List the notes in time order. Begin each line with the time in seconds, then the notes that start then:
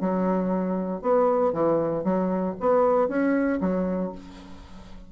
0.00 F#3
1.01 B3
1.53 E3
2.04 F#3
2.60 B3
3.08 C#4
3.61 F#3